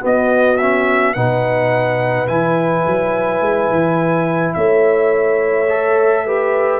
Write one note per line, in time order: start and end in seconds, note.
0.00 0.57 B3
0.00 1.16 B3
0.00 1.15 F#4
0.00 0.57 D#5
0.57 1.16 C#4
0.57 1.13 E5
1.14 2.28 B2
1.14 2.28 D#4
1.14 4.54 B4
1.14 2.27 F#5
2.28 2.85 E3
2.28 5.67 E4
2.28 4.54 G#5
2.87 3.41 F#3
3.41 3.69 G#3
3.70 4.55 E3
4.54 6.79 A3
4.54 6.26 C#5
4.54 6.79 E5
5.69 6.26 A4
6.26 6.79 G4
6.26 6.79 B4